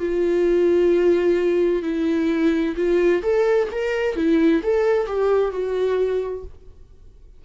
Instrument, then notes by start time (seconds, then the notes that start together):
viola
0.00 F4
1.83 E4
2.77 F4
3.23 A4
3.72 A#4
4.16 E4
4.63 A4
5.07 G4
5.52 F#4